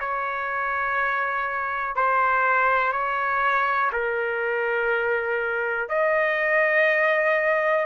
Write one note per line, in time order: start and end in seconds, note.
0.00 1.95 C#5
1.95 2.92 C5
2.92 3.91 C#5
3.92 5.89 A#4
5.89 7.86 D#5